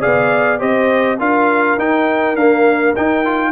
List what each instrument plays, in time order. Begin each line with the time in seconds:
0.00 tuba B3, trombone G#4, horn D5, trumpet F5
0.59 tuba C4, trombone G4, horn C5, trumpet D#5
1.18 tuba D4, trombone F4, horn A#4, trumpet F5
1.77 tuba D#4, trombone D#4, trumpet G5
2.35 trombone A#3, tuba D4, trumpet F5
2.95 trombone D#4, tuba D#4, trumpet G5
3.24 trombone F4